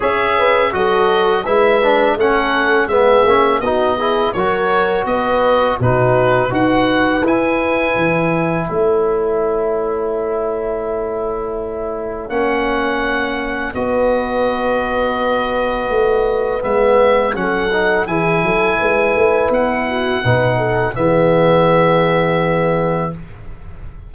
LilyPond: <<
  \new Staff \with { instrumentName = "oboe" } { \time 4/4 \tempo 4 = 83 e''4 dis''4 e''4 fis''4 | e''4 dis''4 cis''4 dis''4 | b'4 fis''4 gis''2 | e''1~ |
e''4 fis''2 dis''4~ | dis''2. e''4 | fis''4 gis''2 fis''4~ | fis''4 e''2. | }
  \new Staff \with { instrumentName = "horn" } { \time 4/4 cis''8 b'8 a'4 b'4 a'4 | gis'4 fis'8 gis'8 ais'4 b'4 | fis'4 b'2. | cis''1~ |
cis''2. b'4~ | b'1 | a'4 gis'8 a'8 b'4. fis'8 | b'8 a'8 gis'2. | }
  \new Staff \with { instrumentName = "trombone" } { \time 4/4 gis'4 fis'4 e'8 d'8 cis'4 | b8 cis'8 dis'8 e'8 fis'2 | dis'4 fis'4 e'2~ | e'1~ |
e'4 cis'2 fis'4~ | fis'2. b4 | cis'8 dis'8 e'2. | dis'4 b2. | }
  \new Staff \with { instrumentName = "tuba" } { \time 4/4 cis'4 fis4 gis4 a4 | gis8 ais8 b4 fis4 b4 | b,4 dis'4 e'4 e4 | a1~ |
a4 ais2 b4~ | b2 a4 gis4 | fis4 e8 fis8 gis8 a8 b4 | b,4 e2. | }
>>